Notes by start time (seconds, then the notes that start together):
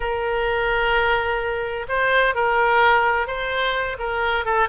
0.00 A#4
1.88 C5
2.34 A#4
3.27 C5
3.98 A#4
4.45 A4